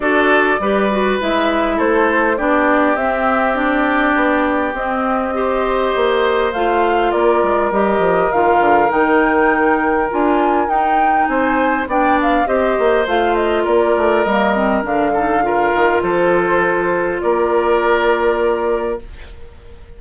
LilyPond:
<<
  \new Staff \with { instrumentName = "flute" } { \time 4/4 \tempo 4 = 101 d''2 e''4 c''4 | d''4 e''4 d''2 | dis''2. f''4 | d''4 dis''4 f''4 g''4~ |
g''4 gis''4 g''4 gis''4 | g''8 f''8 dis''4 f''8 dis''8 d''4 | dis''4 f''2 c''4~ | c''4 d''2. | }
  \new Staff \with { instrumentName = "oboe" } { \time 4/4 a'4 b'2 a'4 | g'1~ | g'4 c''2. | ais'1~ |
ais'2. c''4 | d''4 c''2 ais'4~ | ais'4. a'8 ais'4 a'4~ | a'4 ais'2. | }
  \new Staff \with { instrumentName = "clarinet" } { \time 4/4 fis'4 g'8 fis'8 e'2 | d'4 c'4 d'2 | c'4 g'2 f'4~ | f'4 g'4 f'4 dis'4~ |
dis'4 f'4 dis'2 | d'4 g'4 f'2 | ais8 c'8 d'8 dis'8 f'2~ | f'1 | }
  \new Staff \with { instrumentName = "bassoon" } { \time 4/4 d'4 g4 gis4 a4 | b4 c'2 b4 | c'2 ais4 a4 | ais8 gis8 g8 f8 dis8 d8 dis4~ |
dis4 d'4 dis'4 c'4 | b4 c'8 ais8 a4 ais8 a8 | g4 d4. dis8 f4~ | f4 ais2. | }
>>